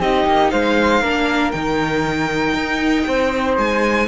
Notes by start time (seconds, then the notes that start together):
0.00 C4 D#4 G4 D#5
0.27 A#3
0.51 G#3 C5 F5
1.02 A#3 D4 A#4
1.51 D#3 D#4 G5
2.54 D#4
3.08 C4 C5
3.58 G#3 G#5